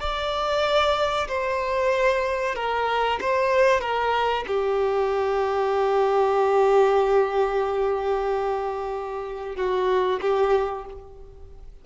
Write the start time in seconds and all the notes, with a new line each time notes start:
0.00 D5
1.28 C5
2.55 A#4
3.21 C5
3.81 A#4
4.47 G4
9.56 F#4
10.21 G4